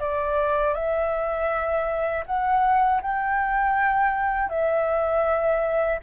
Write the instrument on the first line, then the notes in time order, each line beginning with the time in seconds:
flute
0.00 D5
0.74 E5
2.26 F#5
3.02 G5
4.50 E5